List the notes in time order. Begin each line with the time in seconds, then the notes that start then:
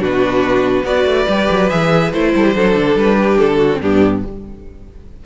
0.00 B2 D4 F#4 B4
0.84 B3 F#4 B4 D5
1.06 A3
1.28 G3 G4
1.51 F#3
1.70 E3 G#4 E5
2.13 A3 E4 C5
2.35 G3 A4
2.45 G4
2.55 F#3 D4 A4
2.76 D3
2.96 G3 B4
3.17 G4
3.39 D3 A4
3.58 F#4
3.72 C4
3.81 G2 B3 D4 G4